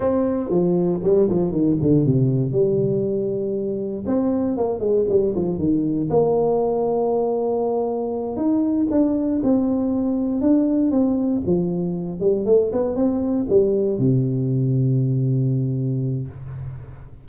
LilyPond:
\new Staff \with { instrumentName = "tuba" } { \time 4/4 \tempo 4 = 118 c'4 f4 g8 f8 dis8 d8 | c4 g2. | c'4 ais8 gis8 g8 f8 dis4 | ais1~ |
ais8 dis'4 d'4 c'4.~ | c'8 d'4 c'4 f4. | g8 a8 b8 c'4 g4 c8~ | c1 | }